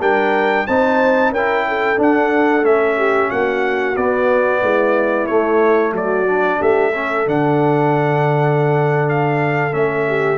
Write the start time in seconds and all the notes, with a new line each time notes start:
0.00 G3 D4 A#4 G5
0.67 C4 D#4 C5 A5
1.30 C#4 A#4 G5
1.36 E4
1.68 A4
1.97 D4 F#5
2.63 A3 C#4 E5
2.98 G4
3.29 A#3 F#4 F#5
3.97 B3 D5
4.62 G#3 E4
5.27 A3 C#5
5.93 F#3 F#4 D5
6.27 D4
6.59 A3 G4 E5
6.92 C#4 A4
7.27 D3 D4 F#5
9.09 F5
9.72 A3 C#4 E5
10.08 G4